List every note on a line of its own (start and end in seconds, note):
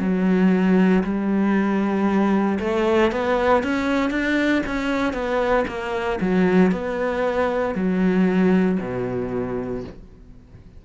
0.00 1.03 F#3
1.03 2.59 G3
2.60 3.11 A3
3.11 3.63 B3
3.63 4.11 C#4
4.11 4.62 D4
4.66 5.13 C#4
5.13 5.65 B3
5.68 6.19 A#3
6.21 6.71 F#3
6.71 7.75 B3
7.75 8.78 F#3
8.80 9.84 B2